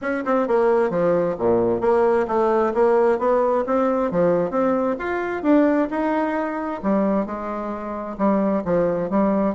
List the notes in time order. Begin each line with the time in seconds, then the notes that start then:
0.01 C#4
0.25 C4
0.47 A#3
0.89 F3
1.38 A#2
1.81 A#3
2.27 A3
2.74 A#3
3.19 B3
3.66 C4
4.11 F3
4.50 C4
4.98 F4
5.42 D4
5.90 D#4
6.83 G3
7.26 G#3
8.18 G3
8.64 F3
9.10 G3